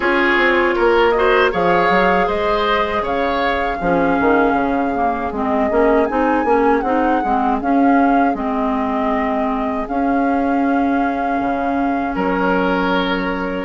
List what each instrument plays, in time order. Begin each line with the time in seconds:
0.00 bassoon C#4, clarinet F4, oboe G#4, flute C#5
0.36 bassoon C4
0.75 bassoon A#3, oboe A#4
1.10 clarinet F#4, flute D#5
1.17 oboe C5
1.51 bassoon F3, clarinet G#4, oboe C#5, flute F5
1.89 bassoon F#3
2.26 bassoon G#3, oboe C5, flute D#5
3.01 bassoon C#3, oboe C#5, flute F5
3.77 bassoon F3, clarinet C#4, oboe G#4
4.20 bassoon D#3
4.52 bassoon C#3
4.94 clarinet A#3
5.32 bassoon G#3, clarinet C4, flute D#5
5.69 bassoon A#3, clarinet C#4
6.05 bassoon C4, clarinet D#4, flute G#5
6.44 bassoon A#3, clarinet C#4
6.80 bassoon C4, clarinet D#4, flute F#5
7.24 bassoon G#3, clarinet C4
7.61 clarinet C#4, bassoon C#4, flute F5
8.34 bassoon G#3, clarinet C4, flute D#5
9.87 clarinet C#4, bassoon C#4, flute F5
11.40 bassoon C#3
12.15 bassoon F#3, oboe A#4, flute C#5